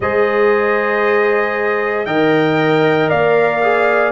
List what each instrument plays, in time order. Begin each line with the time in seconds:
0.00 tuba G#3, trombone G#4, horn C5, trumpet D#5
2.05 tuba D#3, trombone A#4, horn D#5, trumpet G5
3.09 tuba A#3, horn D5, trumpet F5
3.62 trombone G#4